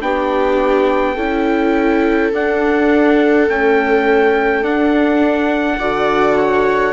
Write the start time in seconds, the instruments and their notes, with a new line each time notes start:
0.00 bassoon B3, viola D4 G4, trumpet G5
1.13 bassoon C#4, viola E4 A4
2.33 bassoon D4, viola D4, trumpet F#5
3.49 viola A3, bassoon C#4, trumpet G5
4.62 bassoon D4, viola D4, trumpet F#5
5.78 bassoon D3, viola F#4 D5
6.37 viola C#5